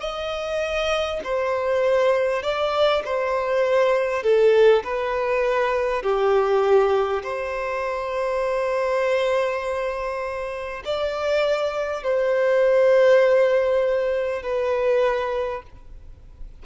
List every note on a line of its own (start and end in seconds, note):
0.00 1.20 D#5
1.23 2.43 C5
2.43 3.03 D5
3.05 4.23 C5
4.23 4.83 A4
4.84 6.03 B4
6.03 7.23 G4
7.23 10.83 C5
10.85 12.03 D5
12.03 14.42 C5
14.42 15.62 B4